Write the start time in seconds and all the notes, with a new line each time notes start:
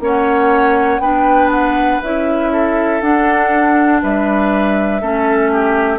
0.00 A#3 C#4 C#5 F#5
0.99 B3 D4 B4 G5
1.51 F#5
2.02 C#4 E4 E5
2.52 A4
3.01 D4 F#5
4.02 G3 B4 E5
5.02 A3 C#4 A4
5.52 G4